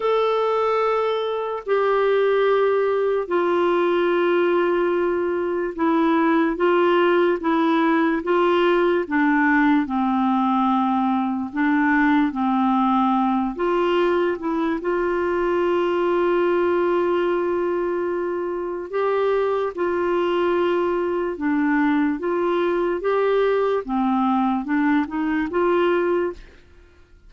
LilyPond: \new Staff \with { instrumentName = "clarinet" } { \time 4/4 \tempo 4 = 73 a'2 g'2 | f'2. e'4 | f'4 e'4 f'4 d'4 | c'2 d'4 c'4~ |
c'8 f'4 e'8 f'2~ | f'2. g'4 | f'2 d'4 f'4 | g'4 c'4 d'8 dis'8 f'4 | }